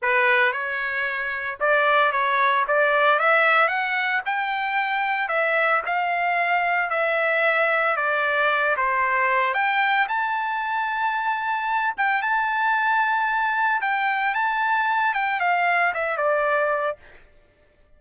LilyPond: \new Staff \with { instrumentName = "trumpet" } { \time 4/4 \tempo 4 = 113 b'4 cis''2 d''4 | cis''4 d''4 e''4 fis''4 | g''2 e''4 f''4~ | f''4 e''2 d''4~ |
d''8 c''4. g''4 a''4~ | a''2~ a''8 g''8 a''4~ | a''2 g''4 a''4~ | a''8 g''8 f''4 e''8 d''4. | }